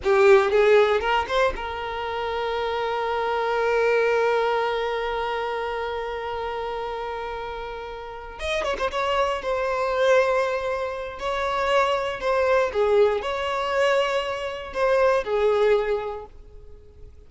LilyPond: \new Staff \with { instrumentName = "violin" } { \time 4/4 \tempo 4 = 118 g'4 gis'4 ais'8 c''8 ais'4~ | ais'1~ | ais'1~ | ais'1~ |
ais'8 dis''8 cis''16 c''16 cis''4 c''4.~ | c''2 cis''2 | c''4 gis'4 cis''2~ | cis''4 c''4 gis'2 | }